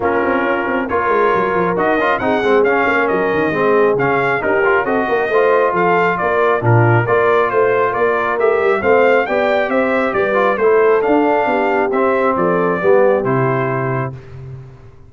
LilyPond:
<<
  \new Staff \with { instrumentName = "trumpet" } { \time 4/4 \tempo 4 = 136 ais'2 cis''2 | dis''4 fis''4 f''4 dis''4~ | dis''4 f''4 ais'4 dis''4~ | dis''4 f''4 d''4 ais'4 |
d''4 c''4 d''4 e''4 | f''4 g''4 e''4 d''4 | c''4 f''2 e''4 | d''2 c''2 | }
  \new Staff \with { instrumentName = "horn" } { \time 4/4 f'2 ais'2~ | ais'4 gis'4. ais'4. | gis'2 g'4 a'8 ais'8 | c''4 a'4 ais'4 f'4 |
ais'4 c''4 ais'2 | c''4 d''4 c''4 b'4 | a'2 g'2 | a'4 g'2. | }
  \new Staff \with { instrumentName = "trombone" } { \time 4/4 cis'2 f'2 | fis'8 f'8 dis'8 c'8 cis'2 | c'4 cis'4 dis'8 f'8 fis'4 | f'2. d'4 |
f'2. g'4 | c'4 g'2~ g'8 f'8 | e'4 d'2 c'4~ | c'4 b4 e'2 | }
  \new Staff \with { instrumentName = "tuba" } { \time 4/4 ais8 c'8 cis'8 c'8 ais8 gis8 fis8 f8 | dis'8 cis'8 c'8 gis8 cis'8 ais8 fis8 dis8 | gis4 cis4 cis'4 c'8 ais8 | a4 f4 ais4 ais,4 |
ais4 a4 ais4 a8 g8 | a4 b4 c'4 g4 | a4 d'4 b4 c'4 | f4 g4 c2 | }
>>